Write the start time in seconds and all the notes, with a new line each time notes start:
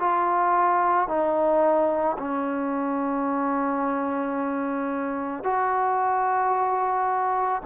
0.00 F4
1.08 D#4
2.18 C#4
5.43 F#4